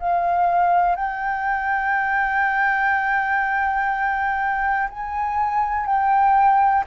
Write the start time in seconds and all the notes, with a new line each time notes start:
0.00 F5
0.96 G5
4.90 G#5
5.86 G5